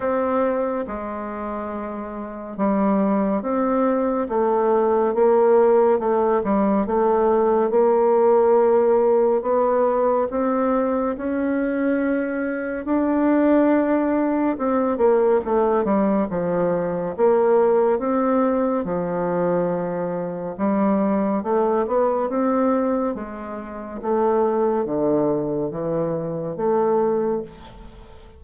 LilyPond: \new Staff \with { instrumentName = "bassoon" } { \time 4/4 \tempo 4 = 70 c'4 gis2 g4 | c'4 a4 ais4 a8 g8 | a4 ais2 b4 | c'4 cis'2 d'4~ |
d'4 c'8 ais8 a8 g8 f4 | ais4 c'4 f2 | g4 a8 b8 c'4 gis4 | a4 d4 e4 a4 | }